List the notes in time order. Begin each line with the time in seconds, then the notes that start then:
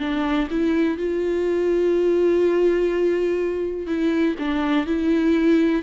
0.00 D4
0.51 E4
0.98 F4
3.87 E4
4.39 D4
4.87 E4